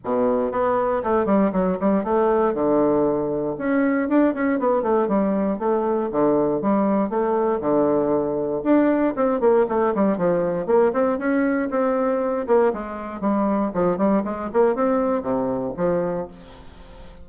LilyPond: \new Staff \with { instrumentName = "bassoon" } { \time 4/4 \tempo 4 = 118 b,4 b4 a8 g8 fis8 g8 | a4 d2 cis'4 | d'8 cis'8 b8 a8 g4 a4 | d4 g4 a4 d4~ |
d4 d'4 c'8 ais8 a8 g8 | f4 ais8 c'8 cis'4 c'4~ | c'8 ais8 gis4 g4 f8 g8 | gis8 ais8 c'4 c4 f4 | }